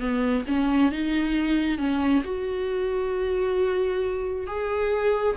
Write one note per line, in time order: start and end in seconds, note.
0.00 0.45 B3
0.47 0.92 C#4
0.92 1.78 D#4
1.78 2.23 C#4
2.24 4.47 F#4
4.47 5.36 G#4